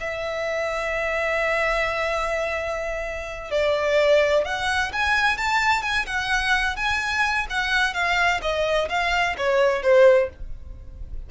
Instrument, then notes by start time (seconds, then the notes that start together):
violin
0.00 E5
3.51 D5
4.44 F#5
4.92 G#5
5.37 A5
5.82 G#5
6.06 F#5
6.76 G#5
7.50 F#5
7.93 F5
8.41 D#5
8.89 F5
9.37 C#5
9.82 C5